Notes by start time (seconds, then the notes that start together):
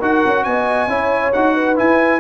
0.00 D#4 F#4 A#4 F#5
0.26 C#4
0.44 B3 D#5 G#5
0.87 C#4 E4 C#5
1.33 D#4 F#4 F#5
1.54 B4
1.76 E4 G#5